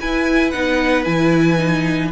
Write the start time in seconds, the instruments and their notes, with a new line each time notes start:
0.00 cello E4, viola E4, violin B4 G#5
0.50 cello B3, viola D#4, violin F#5
1.04 cello E3, viola E4, violin G#5
1.58 viola D#4